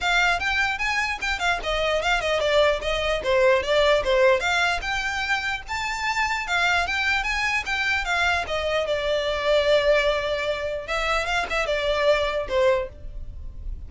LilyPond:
\new Staff \with { instrumentName = "violin" } { \time 4/4 \tempo 4 = 149 f''4 g''4 gis''4 g''8 f''8 | dis''4 f''8 dis''8 d''4 dis''4 | c''4 d''4 c''4 f''4 | g''2 a''2 |
f''4 g''4 gis''4 g''4 | f''4 dis''4 d''2~ | d''2. e''4 | f''8 e''8 d''2 c''4 | }